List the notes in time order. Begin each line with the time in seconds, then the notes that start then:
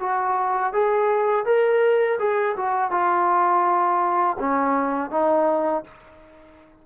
0.00 F#4
0.73 G#4
1.45 A#4
2.19 G#4
2.57 F#4
2.91 F4
4.40 C#4
5.11 D#4